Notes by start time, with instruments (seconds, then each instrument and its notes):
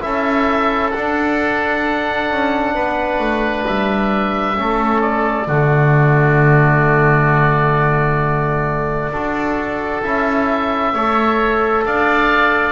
0.00 double bass C#4, trombone E4, oboe A4 E5
0.91 double bass D4, trombone D4, oboe F#5
2.30 double bass C#4
2.74 double bass B3, oboe B4
3.18 double bass A3
3.66 double bass G3, oboe E5
4.54 double bass A3, trombone C#4, oboe A4
5.01 oboe D5
5.47 double bass D3, trombone A3, oboe F#4
9.11 double bass D4, trombone F#4, oboe A4
10.03 double bass C#4, trombone E4, oboe E5
10.93 double bass A3, trombone A4, oboe C#5
11.85 double bass D4, oboe D5 F5